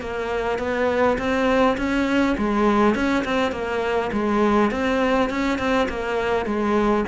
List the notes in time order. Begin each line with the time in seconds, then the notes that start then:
0.00 A#3
0.59 B3
1.18 C4
1.77 C#4
2.37 G#3
2.95 C#4
3.24 C4
3.52 A#3
4.12 G#3
4.71 C4
5.29 C#4
5.58 C4
5.89 A#3
6.46 G#3